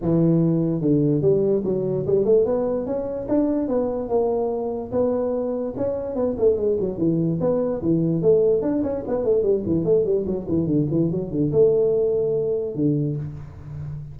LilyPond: \new Staff \with { instrumentName = "tuba" } { \time 4/4 \tempo 4 = 146 e2 d4 g4 | fis4 g8 a8 b4 cis'4 | d'4 b4 ais2 | b2 cis'4 b8 a8 |
gis8 fis8 e4 b4 e4 | a4 d'8 cis'8 b8 a8 g8 e8 | a8 g8 fis8 e8 d8 e8 fis8 d8 | a2. d4 | }